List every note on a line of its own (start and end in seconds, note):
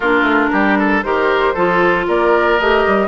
0.00 0.21 A#3
0.00 1.04 D4
0.00 0.50 F4
0.00 1.02 A#4
0.21 0.47 A3
0.52 1.03 G3
0.52 0.78 G4
0.78 1.04 A4
1.02 1.55 D#3
1.02 1.55 G4
1.02 1.54 A#4
1.02 2.05 C5
1.54 2.07 F3
1.54 2.59 F4
1.54 2.05 A4
2.07 2.59 A#3
2.07 3.08 A#4
2.07 2.59 D5
2.59 2.85 A3
2.59 3.08 G4
2.59 3.08 D#5
2.86 3.08 G3